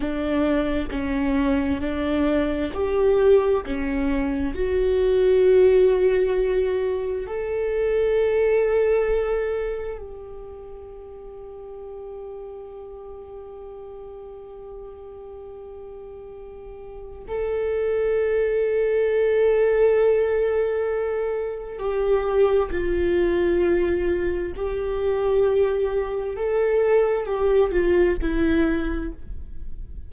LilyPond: \new Staff \with { instrumentName = "viola" } { \time 4/4 \tempo 4 = 66 d'4 cis'4 d'4 g'4 | cis'4 fis'2. | a'2. g'4~ | g'1~ |
g'2. a'4~ | a'1 | g'4 f'2 g'4~ | g'4 a'4 g'8 f'8 e'4 | }